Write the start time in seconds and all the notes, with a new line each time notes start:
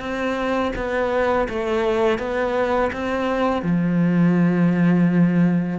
0.00 C4
0.76 B3
1.49 A3
2.19 B3
2.93 C4
3.62 F3